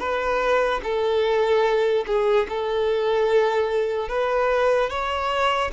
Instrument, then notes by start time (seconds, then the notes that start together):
violin
0.00 B4
0.84 A4
2.07 G#4
2.49 A4
4.09 B4
4.90 C#5